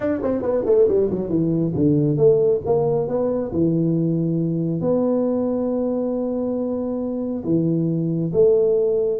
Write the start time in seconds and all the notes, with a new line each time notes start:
0.00 D4
0.22 C4
0.42 B3
0.65 A3
0.88 G3
1.10 F#3
1.29 E3
1.75 D3
2.17 A3
2.65 A#3
3.08 B3
3.52 E3
4.80 B3
7.44 E3
8.33 A3